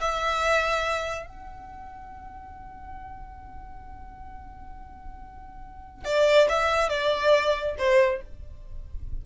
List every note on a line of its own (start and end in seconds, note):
0.00 1.26 E5
1.26 6.04 F#5
6.04 6.48 D5
6.49 6.89 E5
6.89 7.76 D5
7.78 8.21 C5